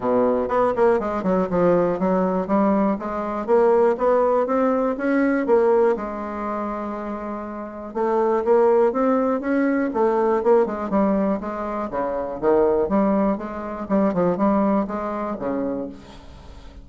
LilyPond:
\new Staff \with { instrumentName = "bassoon" } { \time 4/4 \tempo 4 = 121 b,4 b8 ais8 gis8 fis8 f4 | fis4 g4 gis4 ais4 | b4 c'4 cis'4 ais4 | gis1 |
a4 ais4 c'4 cis'4 | a4 ais8 gis8 g4 gis4 | cis4 dis4 g4 gis4 | g8 f8 g4 gis4 cis4 | }